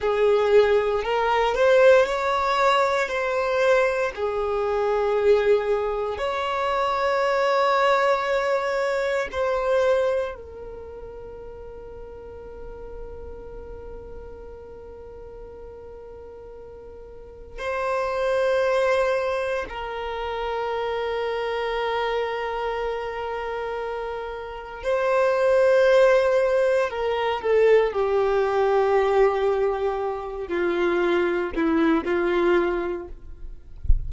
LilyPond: \new Staff \with { instrumentName = "violin" } { \time 4/4 \tempo 4 = 58 gis'4 ais'8 c''8 cis''4 c''4 | gis'2 cis''2~ | cis''4 c''4 ais'2~ | ais'1~ |
ais'4 c''2 ais'4~ | ais'1 | c''2 ais'8 a'8 g'4~ | g'4. f'4 e'8 f'4 | }